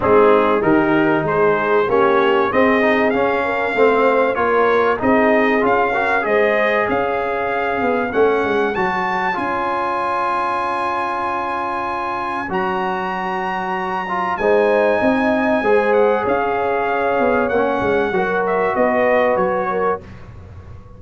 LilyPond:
<<
  \new Staff \with { instrumentName = "trumpet" } { \time 4/4 \tempo 4 = 96 gis'4 ais'4 c''4 cis''4 | dis''4 f''2 cis''4 | dis''4 f''4 dis''4 f''4~ | f''4 fis''4 a''4 gis''4~ |
gis''1 | ais''2. gis''4~ | gis''4. fis''8 f''2 | fis''4. e''8 dis''4 cis''4 | }
  \new Staff \with { instrumentName = "horn" } { \time 4/4 dis'4 g'4 gis'4 g'4 | gis'4. ais'8 c''4 ais'4 | gis'4. ais'8 c''4 cis''4~ | cis''1~ |
cis''1~ | cis''2. c''4 | dis''4 c''4 cis''2~ | cis''4 ais'4 b'4. ais'8 | }
  \new Staff \with { instrumentName = "trombone" } { \time 4/4 c'4 dis'2 cis'4 | c'8 dis'8 cis'4 c'4 f'4 | dis'4 f'8 fis'8 gis'2~ | gis'4 cis'4 fis'4 f'4~ |
f'1 | fis'2~ fis'8 f'8 dis'4~ | dis'4 gis'2. | cis'4 fis'2. | }
  \new Staff \with { instrumentName = "tuba" } { \time 4/4 gis4 dis4 gis4 ais4 | c'4 cis'4 a4 ais4 | c'4 cis'4 gis4 cis'4~ | cis'8 b8 a8 gis8 fis4 cis'4~ |
cis'1 | fis2. gis4 | c'4 gis4 cis'4. b8 | ais8 gis8 fis4 b4 fis4 | }
>>